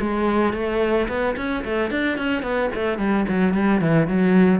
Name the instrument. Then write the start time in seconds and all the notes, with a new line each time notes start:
cello
0.00 G#3
0.53 A3
1.08 B3
1.37 C#4
1.65 A3
1.91 D4
2.18 C#4
2.43 B3
2.75 A3
2.98 G3
3.28 F#3
3.54 G3
3.81 E3
4.07 F#3